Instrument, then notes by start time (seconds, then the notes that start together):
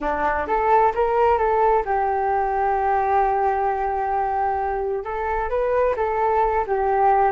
flute
0.00 D4
0.47 A4
0.94 A#4
1.37 A4
1.85 G4
5.04 A4
5.49 B4
5.96 A4
6.66 G4